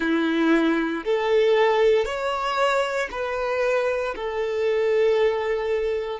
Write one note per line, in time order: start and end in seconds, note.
0.00 1.03 E4
1.04 2.05 A4
2.05 3.08 C#5
3.11 4.14 B4
4.15 6.20 A4